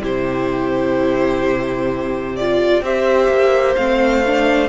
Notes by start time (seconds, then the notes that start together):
0.00 C3 E4 G4 C5
2.36 F4 D5
2.81 C4 G4 C5 E5
3.29 A#3
3.76 A3 C4 F5
4.26 D4